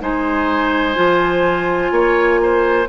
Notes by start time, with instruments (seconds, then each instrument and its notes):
0.00 bassoon G#3, clarinet D#4, oboe C5, flute G#5
0.94 bassoon F3, clarinet F4
1.91 bassoon A#3, oboe C#5
2.42 oboe C5